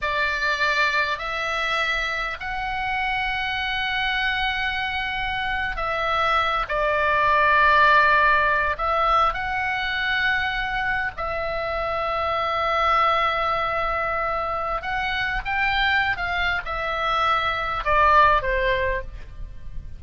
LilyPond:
\new Staff \with { instrumentName = "oboe" } { \time 4/4 \tempo 4 = 101 d''2 e''2 | fis''1~ | fis''4.~ fis''16 e''4. d''8.~ | d''2~ d''8. e''4 fis''16~ |
fis''2~ fis''8. e''4~ e''16~ | e''1~ | e''4 fis''4 g''4~ g''16 f''8. | e''2 d''4 c''4 | }